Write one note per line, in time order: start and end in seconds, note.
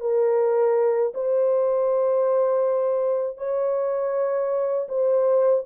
0.00 1.12 A#4
1.14 3.37 C5
3.37 4.87 C#5
4.88 5.63 C5